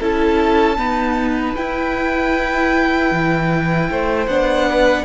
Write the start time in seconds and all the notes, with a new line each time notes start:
0.00 C#4 E4 A4 A5
0.77 B3 D#4 B4
1.56 E4 G5
3.11 E3
3.90 A3 C5
4.27 B3 D4 F#5
4.70 B4